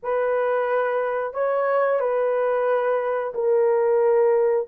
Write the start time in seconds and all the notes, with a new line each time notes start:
0.02 B4
1.33 C#5
1.99 B4
3.34 A#4